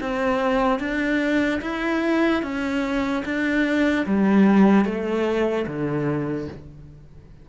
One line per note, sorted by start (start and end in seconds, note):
0.00 0.80 C4
0.80 1.61 D4
1.61 2.43 E4
2.43 3.24 C#4
3.25 4.06 D4
4.06 4.85 G3
4.85 5.66 A3
5.67 6.48 D3